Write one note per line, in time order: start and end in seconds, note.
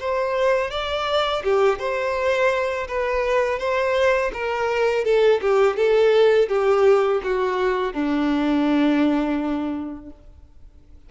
0.00 0.71 C5
0.71 1.43 D5
1.44 1.79 G4
1.79 2.88 C5
2.88 3.59 B4
3.59 4.32 C5
4.34 5.05 A#4
5.05 5.41 A4
5.42 5.77 G4
5.77 6.49 A4
6.49 7.22 G4
7.24 7.94 F#4
7.94 10.11 D4